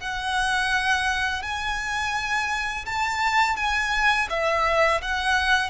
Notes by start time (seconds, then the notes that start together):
0.00 F#5
1.43 G#5
2.86 A5
3.56 G#5
4.30 E5
5.02 F#5